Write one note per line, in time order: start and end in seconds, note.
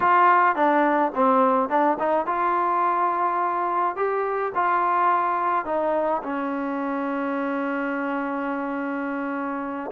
0.00 0.55 F4
0.55 1.12 D4
1.14 1.69 C4
1.69 1.97 D4
1.99 2.26 D#4
2.26 3.95 F4
3.95 4.52 G4
4.54 5.65 F4
5.65 6.22 D#4
6.22 9.90 C#4